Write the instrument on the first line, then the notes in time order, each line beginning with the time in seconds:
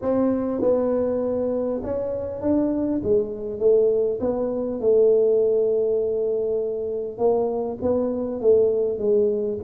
tuba
0.01 C4
0.61 B3
1.83 C#4
2.41 D4
3.03 G#3
3.59 A3
4.20 B3
4.80 A3
7.18 A#3
7.81 B3
8.40 A3
8.98 G#3